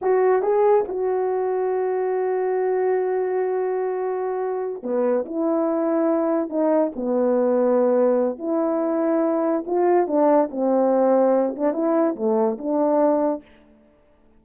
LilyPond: \new Staff \with { instrumentName = "horn" } { \time 4/4 \tempo 4 = 143 fis'4 gis'4 fis'2~ | fis'1~ | fis'2.~ fis'8 b8~ | b8 e'2. dis'8~ |
dis'8 b2.~ b8 | e'2. f'4 | d'4 c'2~ c'8 d'8 | e'4 a4 d'2 | }